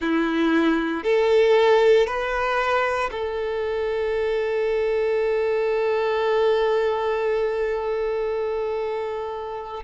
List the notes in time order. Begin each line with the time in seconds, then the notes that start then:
0.00 E4
1.03 A4
2.06 B4
3.11 A4